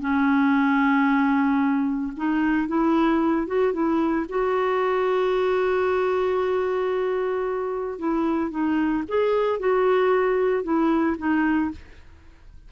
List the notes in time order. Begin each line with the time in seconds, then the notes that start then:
0.00 C#4
2.17 D#4
2.68 E4
3.47 F#4
3.73 E4
4.29 F#4
7.99 E4
8.51 D#4
9.08 G#4
9.60 F#4
10.63 E4
11.18 D#4